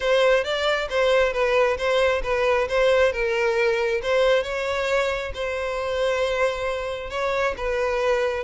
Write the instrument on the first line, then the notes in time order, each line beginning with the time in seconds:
violin
0.00 C5
0.43 D5
0.89 C5
1.33 B4
1.77 C5
2.23 B4
2.68 C5
3.12 A#4
4.02 C5
4.43 C#5
5.34 C5
7.09 C#5
7.57 B4